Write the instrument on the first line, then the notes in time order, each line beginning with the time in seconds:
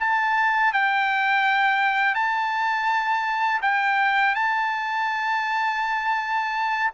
trumpet
0.00 A5
0.73 G5
2.15 A5
3.62 G5
4.35 A5